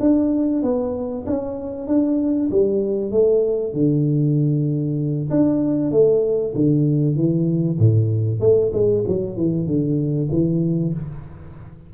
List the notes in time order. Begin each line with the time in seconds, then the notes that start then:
0.00 D4
0.62 B3
1.26 C#4
1.87 D4
2.51 G3
3.11 A3
3.73 D3
5.30 D4
5.91 A3
6.55 D3
7.16 E3
7.78 A2
8.40 A3
8.73 G#3
9.07 F#3
9.36 E3
9.67 D3
10.31 E3